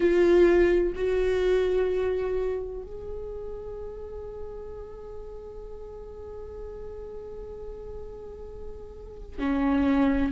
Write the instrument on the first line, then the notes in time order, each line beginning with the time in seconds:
viola
0.00 F4
0.95 F#4
2.82 G#4
9.38 C#4